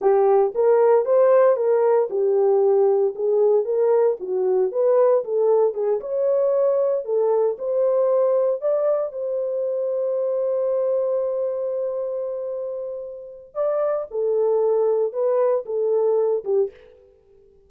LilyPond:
\new Staff \with { instrumentName = "horn" } { \time 4/4 \tempo 4 = 115 g'4 ais'4 c''4 ais'4 | g'2 gis'4 ais'4 | fis'4 b'4 a'4 gis'8 cis''8~ | cis''4. a'4 c''4.~ |
c''8 d''4 c''2~ c''8~ | c''1~ | c''2 d''4 a'4~ | a'4 b'4 a'4. g'8 | }